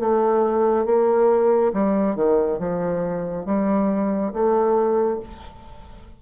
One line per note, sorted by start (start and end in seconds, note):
0.00 0.86 A3
0.86 1.73 A#3
1.74 2.16 G3
2.16 2.59 D#3
2.59 3.46 F3
3.46 4.33 G3
4.34 5.21 A3